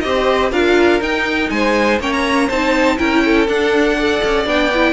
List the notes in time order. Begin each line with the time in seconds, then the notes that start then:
0.00 C4 G4 C5 D#5
0.51 D4 F4 A#4 F5
1.00 D#4 G5
1.50 G#3 C5 G#5
1.99 A#3 C#4 C#5 G5
2.12 A#5
2.47 C4 D#4 C5 A5
2.98 C#4 E4 A#4 G5
3.25 A4
3.47 D4 F#5
3.97 A4 D5
4.24 C#4
4.45 B3 D4 G5
4.74 E4